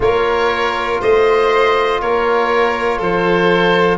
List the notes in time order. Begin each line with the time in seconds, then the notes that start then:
0.00 A#3 F4 A#4 C#5
1.00 A3 C5 D#5
2.01 A#3 A#4 C#5
2.98 F3 A4 C5